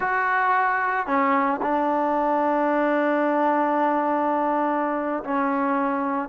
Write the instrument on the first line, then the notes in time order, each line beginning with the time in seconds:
trombone
0.00 F#4
1.06 C#4
1.62 D4
5.24 C#4